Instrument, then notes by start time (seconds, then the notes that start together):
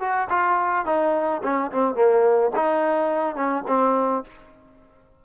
trombone
0.00 F#4
0.30 F4
0.85 D#4
1.43 C#4
1.72 C4
1.94 A#3
2.55 D#4
3.35 C#4
3.67 C4